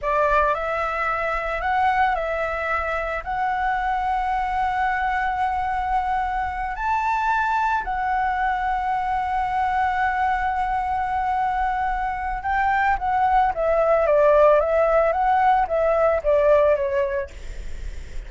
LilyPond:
\new Staff \with { instrumentName = "flute" } { \time 4/4 \tempo 4 = 111 d''4 e''2 fis''4 | e''2 fis''2~ | fis''1~ | fis''8 a''2 fis''4.~ |
fis''1~ | fis''2. g''4 | fis''4 e''4 d''4 e''4 | fis''4 e''4 d''4 cis''4 | }